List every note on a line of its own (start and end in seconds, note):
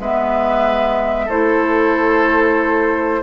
0.00 1.29 G#3
0.00 1.30 B3
0.00 1.26 B4
0.00 1.30 E5
1.26 3.23 A3
1.26 3.23 E4
1.26 3.19 A4
1.26 3.23 C5